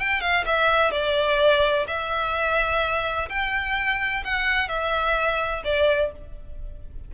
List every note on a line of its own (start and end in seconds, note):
0.00 0.21 G5
0.21 0.45 F5
0.46 0.91 E5
0.91 1.86 D5
1.87 3.29 E5
3.29 4.24 G5
4.25 4.69 F#5
4.69 5.63 E5
5.65 6.12 D5